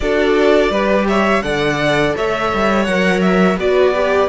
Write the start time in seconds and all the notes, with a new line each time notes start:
0.00 D4 F#4 A4 D5
0.70 G3 G4 B4
1.07 C#5 E5
1.42 D3 A4 D5 F#5
2.15 A3 C#5 E5
2.53 G3
2.84 F#3 A#4 F#5
3.21 E5
3.57 B3 F#4 B4 D5
3.94 G4